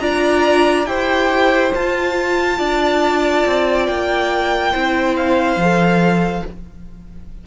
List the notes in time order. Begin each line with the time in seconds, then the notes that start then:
0.00 D4 F4 D5 A#5
0.86 E4 G4 C5 G5
1.73 F4 A5
2.58 D4 D5
3.46 C4
3.86 A#3 G5
4.72 C4 E4 C5
5.16 F5
5.56 F3 A4